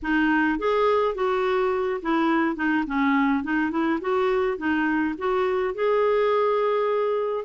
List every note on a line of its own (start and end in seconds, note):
0.02 0.58 D#4
0.58 1.15 G#4
1.15 2.00 F#4
2.02 2.56 E4
2.56 2.84 D#4
2.86 3.43 C#4
3.43 3.71 D#4
3.71 3.99 E4
4.01 4.57 F#4
4.57 5.15 D#4
5.17 5.74 F#4
5.74 7.45 G#4